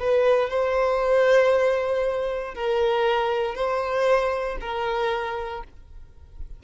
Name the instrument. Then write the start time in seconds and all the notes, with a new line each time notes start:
violin
0.00 B4
0.50 C5
2.55 A#4
3.56 C5
4.61 A#4